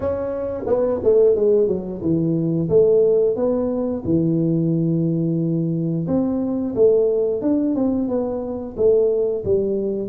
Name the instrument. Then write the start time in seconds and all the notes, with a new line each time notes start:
tuba
0.00 C#4
0.66 B3
1.03 A3
1.35 G#3
1.67 F#3
2.01 E3
2.69 A3
3.36 B3
4.04 E3
6.07 C4
6.75 A3
7.41 D4
7.75 C4
8.08 B3
8.76 A3
9.44 G3